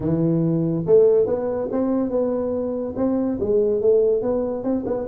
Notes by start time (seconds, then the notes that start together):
0.00 E3
0.86 A3
1.26 B3
1.71 C4
2.10 B3
2.96 C4
3.40 G#3
3.81 A3
4.22 B3
4.63 C4
4.86 B3